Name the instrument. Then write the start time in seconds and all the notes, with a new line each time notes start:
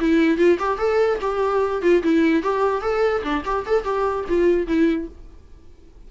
viola
0.00 E4
0.37 F4
0.58 G4
0.78 A4
1.21 G4
1.82 F4
2.03 E4
2.43 G4
2.81 A4
3.23 D4
3.45 G4
3.66 A4
3.84 G4
4.28 F4
4.67 E4